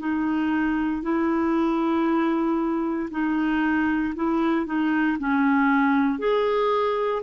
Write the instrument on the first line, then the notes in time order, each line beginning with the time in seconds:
clarinet
0.00 D#4
1.03 E4
3.11 D#4
4.15 E4
4.66 D#4
5.19 C#4
6.19 G#4